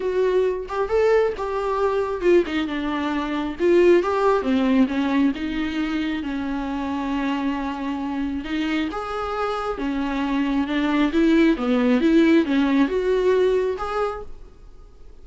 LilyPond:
\new Staff \with { instrumentName = "viola" } { \time 4/4 \tempo 4 = 135 fis'4. g'8 a'4 g'4~ | g'4 f'8 dis'8 d'2 | f'4 g'4 c'4 cis'4 | dis'2 cis'2~ |
cis'2. dis'4 | gis'2 cis'2 | d'4 e'4 b4 e'4 | cis'4 fis'2 gis'4 | }